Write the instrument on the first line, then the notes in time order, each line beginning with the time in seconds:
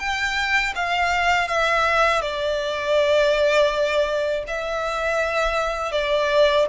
violin
0.00 G5
0.76 F5
1.48 E5
2.22 D5
4.48 E5
5.92 D5